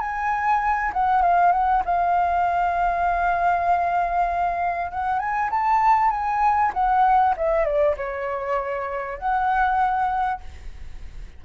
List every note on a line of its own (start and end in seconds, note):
0.00 0.92 G#5
0.93 1.22 F#5
1.22 1.52 F5
1.52 1.83 F#5
1.85 4.91 F5
4.91 5.19 F#5
5.19 5.50 G#5
5.50 6.10 A5
6.10 6.72 G#5
6.73 7.35 F#5
7.37 7.64 E5
7.64 7.95 D5
7.96 9.18 C#5
9.18 10.41 F#5